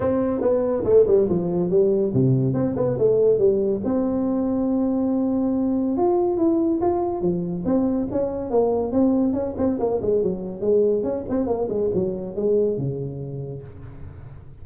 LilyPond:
\new Staff \with { instrumentName = "tuba" } { \time 4/4 \tempo 4 = 141 c'4 b4 a8 g8 f4 | g4 c4 c'8 b8 a4 | g4 c'2.~ | c'2 f'4 e'4 |
f'4 f4 c'4 cis'4 | ais4 c'4 cis'8 c'8 ais8 gis8 | fis4 gis4 cis'8 c'8 ais8 gis8 | fis4 gis4 cis2 | }